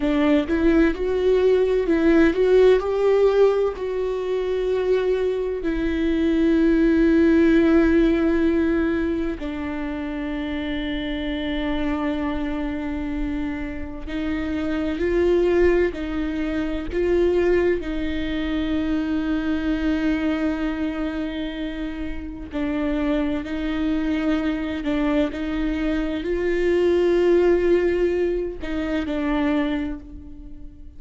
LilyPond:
\new Staff \with { instrumentName = "viola" } { \time 4/4 \tempo 4 = 64 d'8 e'8 fis'4 e'8 fis'8 g'4 | fis'2 e'2~ | e'2 d'2~ | d'2. dis'4 |
f'4 dis'4 f'4 dis'4~ | dis'1 | d'4 dis'4. d'8 dis'4 | f'2~ f'8 dis'8 d'4 | }